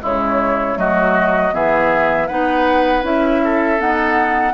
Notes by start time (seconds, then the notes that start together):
0.00 C#3 G#3 E4 C#5
0.74 F#3 A3 F#4 D#5
1.52 E3 B3 G#4 E5
2.27 B3 D#4 B4 F#5
3.03 C#4 E4 E5
3.44 A4
3.78 B3 D#4 F#5